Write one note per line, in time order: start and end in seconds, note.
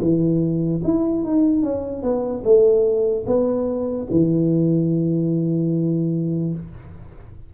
0.00 0.81 E3
0.83 1.23 E4
1.23 1.63 D#4
1.63 2.02 C#4
2.02 2.43 B3
2.44 3.25 A3
3.26 4.07 B3
4.10 6.53 E3